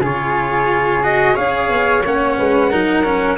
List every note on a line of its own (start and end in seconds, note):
0.00 1.35 C#3
0.00 1.03 F4
0.00 1.34 G#4
0.00 1.03 C#5
1.03 1.35 F#4
1.03 1.36 D#5
1.34 1.69 C#4
1.34 2.02 G#4
1.34 2.35 C#5
1.34 2.03 F5
1.69 2.03 B3
2.04 2.38 A#3
2.04 2.71 C#4
2.04 3.38 F#5
2.37 2.72 G#3
2.37 2.70 B4
2.70 3.38 F#3
2.70 3.04 D#4
2.70 3.37 A#4
3.04 3.37 C#4